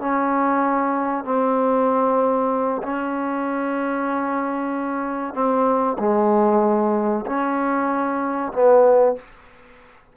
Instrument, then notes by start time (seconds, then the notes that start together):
trombone
0.00 C#4
1.24 C4
2.83 C#4
5.34 C4
5.99 G#3
7.26 C#4
8.53 B3